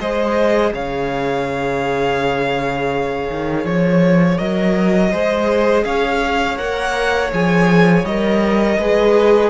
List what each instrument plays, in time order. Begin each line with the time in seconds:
0.00 cello G#3, viola G#4, violin C5 D#5
0.74 cello C#3, violin C#5 F5
3.31 cello D#3
3.65 cello F3, violin C#5
4.38 cello F#3, viola A#4, violin D#5
5.12 cello G#3, viola G#4, violin C5
5.85 cello C#4, violin C#5 F5
6.58 cello A#3, viola A#4, violin F#5
7.32 cello F3, viola G#4, violin G#5
8.04 cello G3, viola A#4, violin D#5
8.78 cello G#3, viola G#4, violin B4